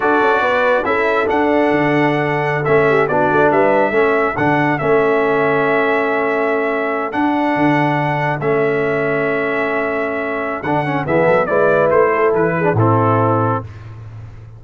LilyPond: <<
  \new Staff \with { instrumentName = "trumpet" } { \time 4/4 \tempo 4 = 141 d''2 e''4 fis''4~ | fis''2~ fis''16 e''4 d''8.~ | d''16 e''2 fis''4 e''8.~ | e''1~ |
e''8. fis''2. e''16~ | e''1~ | e''4 fis''4 e''4 d''4 | c''4 b'4 a'2 | }
  \new Staff \with { instrumentName = "horn" } { \time 4/4 a'4 b'4 a'2~ | a'2~ a'8. g'8 fis'8.~ | fis'16 b'4 a'2~ a'8.~ | a'1~ |
a'1~ | a'1~ | a'2 gis'8 a'8 b'4~ | b'8 a'4 gis'8 e'2 | }
  \new Staff \with { instrumentName = "trombone" } { \time 4/4 fis'2 e'4 d'4~ | d'2~ d'16 cis'4 d'8.~ | d'4~ d'16 cis'4 d'4 cis'8.~ | cis'1~ |
cis'8. d'2. cis'16~ | cis'1~ | cis'4 d'8 cis'8 b4 e'4~ | e'4.~ e'16 d'16 c'2 | }
  \new Staff \with { instrumentName = "tuba" } { \time 4/4 d'8 cis'8 b4 cis'4 d'4 | d2~ d16 a4 b8 a16~ | a16 g4 a4 d4 a8.~ | a1~ |
a8. d'4 d2 a16~ | a1~ | a4 d4 e8 fis8 gis4 | a4 e4 a,2 | }
>>